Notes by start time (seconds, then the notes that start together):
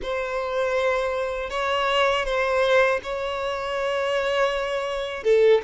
0.02 C5
1.50 C#5
2.25 C5
3.03 C#5
5.23 A4